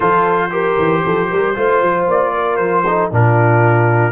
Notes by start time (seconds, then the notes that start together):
0.00 F3 F4 A4 C5
0.50 G4 A#4
0.77 E3
1.05 F3 A4
1.29 G3 A#4
1.55 A3 F4 C5
1.82 F3
2.07 A#3 D5
2.34 A#4
2.56 F3 C5
2.86 D#4 A4
3.11 A#2 D4 F4 A#4